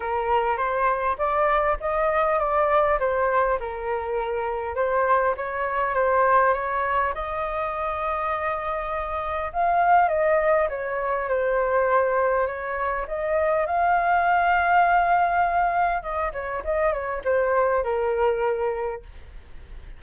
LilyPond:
\new Staff \with { instrumentName = "flute" } { \time 4/4 \tempo 4 = 101 ais'4 c''4 d''4 dis''4 | d''4 c''4 ais'2 | c''4 cis''4 c''4 cis''4 | dis''1 |
f''4 dis''4 cis''4 c''4~ | c''4 cis''4 dis''4 f''4~ | f''2. dis''8 cis''8 | dis''8 cis''8 c''4 ais'2 | }